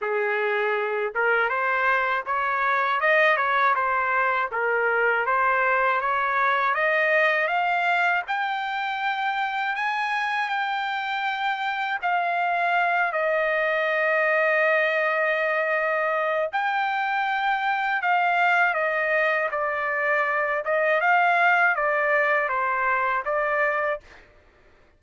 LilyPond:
\new Staff \with { instrumentName = "trumpet" } { \time 4/4 \tempo 4 = 80 gis'4. ais'8 c''4 cis''4 | dis''8 cis''8 c''4 ais'4 c''4 | cis''4 dis''4 f''4 g''4~ | g''4 gis''4 g''2 |
f''4. dis''2~ dis''8~ | dis''2 g''2 | f''4 dis''4 d''4. dis''8 | f''4 d''4 c''4 d''4 | }